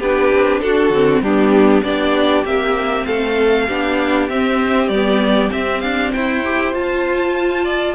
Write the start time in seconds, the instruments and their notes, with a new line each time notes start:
0.00 cello B3, viola D4, violin G4 B4
0.34 cello C4
0.61 cello D4, violin F#4 A4
0.90 cello D3, viola C4
1.22 cello G3, viola B3, violin D4 G4
1.83 cello B3, viola D4, violin G4 D5
2.45 cello A#3, viola C4, violin E5
3.06 cello A3, violin A4 F5
3.68 cello B3, viola D4, violin G4
4.29 cello C4, viola C4, violin E5
4.89 cello G3, viola B3, violin D5
5.51 viola C4, cello C4, violin E5
5.81 cello D4, violin F5
6.13 cello E4, violin C5 G5
6.45 viola G4
6.74 cello F4, viola F4, violin A5
7.65 violin D5